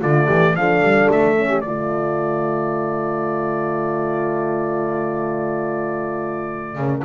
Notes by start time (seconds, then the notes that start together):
0.00 D3 A3 F4 D5
0.26 E3 G4
0.54 F3 D4 A4 F5
0.81 G3
1.11 A3 E5
1.36 C#4
1.49 G4
1.61 D3 A3 F4 D5
6.76 C#3 A#4